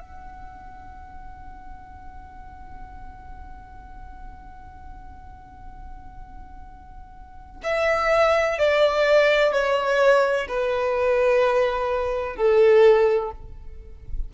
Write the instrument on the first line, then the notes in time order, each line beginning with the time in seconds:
violin
0.00 F#5
7.64 E5
8.59 D5
9.52 C#5
10.48 B4
12.36 A4